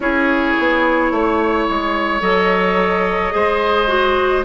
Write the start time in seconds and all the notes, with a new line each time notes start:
0.00 C#4 E4 G#4 C#5
0.58 B3
1.11 A3 C#5
1.69 G#3
2.21 F#3 A4 D#5
3.31 G#3 G#4 C5
3.87 F#4